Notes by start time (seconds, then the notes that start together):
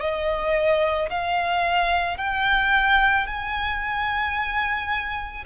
0.00 D#5
1.10 F5
2.17 G5
3.26 G#5